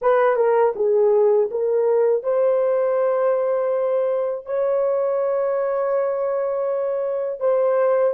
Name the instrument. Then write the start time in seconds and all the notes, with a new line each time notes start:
horn
0.01 B4
0.36 A#4
0.75 G#4
1.51 A#4
2.23 C5
4.45 C#5
7.39 C5